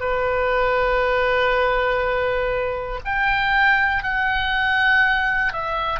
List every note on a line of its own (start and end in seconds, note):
0.00 3.00 B4
3.05 4.03 G5
4.03 5.53 F#5
5.53 6.00 E5